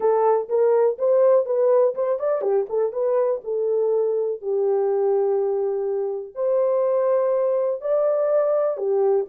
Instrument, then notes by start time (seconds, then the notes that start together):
horn
0.00 A4
0.49 A#4
0.98 C5
1.45 B4
1.94 C5
2.19 D5
2.41 G4
2.69 A4
2.92 B4
3.44 A4
4.41 G4
6.35 C5
7.81 D5
8.77 G4